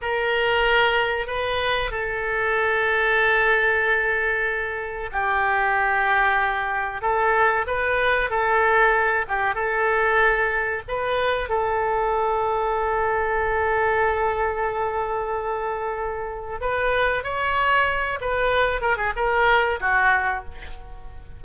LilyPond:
\new Staff \with { instrumentName = "oboe" } { \time 4/4 \tempo 4 = 94 ais'2 b'4 a'4~ | a'1 | g'2. a'4 | b'4 a'4. g'8 a'4~ |
a'4 b'4 a'2~ | a'1~ | a'2 b'4 cis''4~ | cis''8 b'4 ais'16 gis'16 ais'4 fis'4 | }